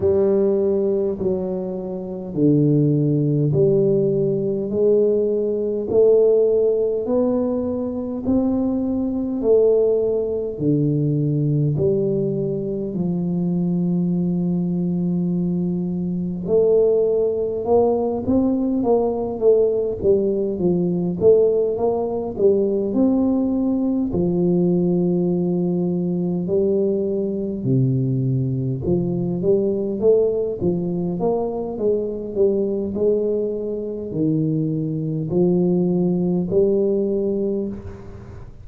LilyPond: \new Staff \with { instrumentName = "tuba" } { \time 4/4 \tempo 4 = 51 g4 fis4 d4 g4 | gis4 a4 b4 c'4 | a4 d4 g4 f4~ | f2 a4 ais8 c'8 |
ais8 a8 g8 f8 a8 ais8 g8 c'8~ | c'8 f2 g4 c8~ | c8 f8 g8 a8 f8 ais8 gis8 g8 | gis4 dis4 f4 g4 | }